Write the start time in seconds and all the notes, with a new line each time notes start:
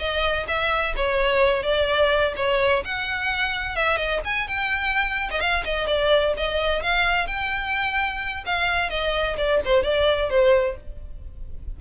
0.00 D#5
0.48 E5
0.97 C#5
1.64 D5
2.37 C#5
2.85 F#5
3.76 E5
3.97 D#5
4.25 G#5
4.48 G5
5.31 D#5
5.41 F5
5.65 D#5
5.87 D5
6.37 D#5
6.83 F5
7.27 G5
8.46 F5
8.90 D#5
9.38 D5
9.65 C5
9.84 D5
10.30 C5